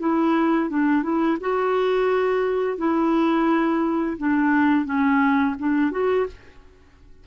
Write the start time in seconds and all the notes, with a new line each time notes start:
0.00 E4
0.70 D4
1.03 E4
1.41 F#4
2.78 E4
4.18 D4
4.86 C#4
5.59 D4
5.92 F#4